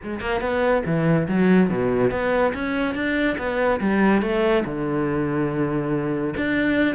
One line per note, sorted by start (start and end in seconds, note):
0.03 0.20 G#3
0.20 0.40 A#3
0.40 0.82 B3
0.85 1.27 E3
1.28 1.69 F#3
1.69 2.10 B2
2.10 2.53 B3
2.54 2.94 C#4
2.94 3.36 D4
3.37 3.80 B3
3.80 4.22 G3
4.22 4.64 A3
4.65 6.34 D3
6.36 6.95 D4